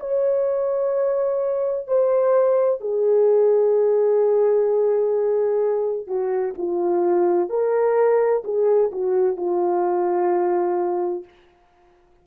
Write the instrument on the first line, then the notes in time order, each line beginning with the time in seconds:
horn
0.00 C#5
1.87 C5
2.81 G#4
6.07 F#4
6.58 F4
7.49 A#4
8.44 G#4
8.92 F#4
9.37 F4